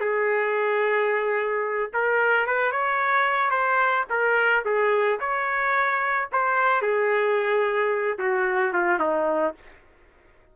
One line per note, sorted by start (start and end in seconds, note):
0.00 1.91 G#4
1.93 2.46 A#4
2.46 2.72 B4
2.72 3.50 C#5
3.50 4.05 C5
4.10 4.64 A#4
4.65 5.19 G#4
5.20 6.29 C#5
6.32 6.82 C5
6.82 8.18 G#4
8.18 8.73 F#4
8.73 9.00 F4
9.00 9.54 D#4